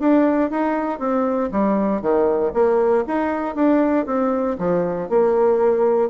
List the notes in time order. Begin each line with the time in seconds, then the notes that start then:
0.00 D4
0.51 D#4
0.99 C4
1.52 G3
2.02 D#3
2.54 A#3
3.07 D#4
3.55 D4
4.06 C4
4.59 F3
5.10 A#3